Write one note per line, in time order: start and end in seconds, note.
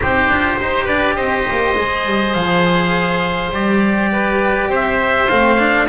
0.01 0.28 C4
0.01 0.31 D#4
0.01 0.60 G4
0.01 0.87 C5
0.28 0.57 D4
0.28 0.57 F4
0.57 0.87 D#4
0.57 1.74 G4
0.57 0.84 C5
0.84 1.17 D4
0.84 1.14 B4
0.84 1.16 D5
1.15 1.46 C4
1.15 4.10 C5
1.15 2.33 D#5
1.50 1.76 A#3
1.75 2.05 G#3
1.75 3.52 G#4
2.05 2.34 G3
2.33 3.51 F3
2.33 3.51 F5
3.51 4.68 G3
3.51 5.28 G4
3.51 4.71 D5
4.12 4.69 B4
4.68 5.27 C4
4.68 5.87 C5
4.75 5.29 E5
5.29 5.88 A3
5.29 5.58 C4
5.29 5.87 F5
5.58 5.87 D4